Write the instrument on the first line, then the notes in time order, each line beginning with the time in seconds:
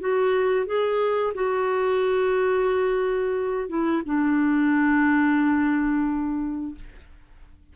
clarinet
0.00 F#4
0.66 G#4
1.34 F#4
3.68 E4
4.05 D4